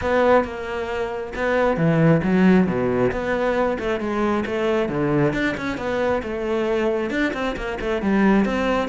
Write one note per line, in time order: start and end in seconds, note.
0.01 0.44 B3
0.44 1.33 A#3
1.35 1.77 B3
1.77 2.21 E3
2.23 2.66 F#3
2.66 3.11 B2
3.11 3.78 B3
3.79 3.99 A3
3.99 4.44 G#3
4.46 4.88 A3
4.88 5.33 D3
5.33 5.55 D4
5.57 5.77 C#4
5.77 6.22 B3
6.22 7.10 A3
7.10 7.32 D4
7.33 7.56 C4
7.56 7.78 A#3
7.80 8.01 A3
8.01 8.45 G3
8.45 8.88 C4